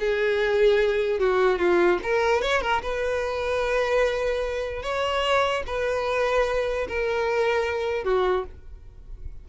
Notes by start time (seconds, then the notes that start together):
0.00 G#4
1.20 F#4
1.59 F4
2.03 A#4
2.42 C#5
2.62 A#4
2.83 B4
4.83 C#5
5.67 B4
6.89 A#4
8.04 F#4